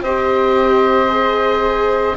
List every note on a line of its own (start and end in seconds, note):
0.00 2.14 C4
0.00 1.09 G4
0.00 2.17 C5
0.00 2.17 D#5
1.09 2.16 G#4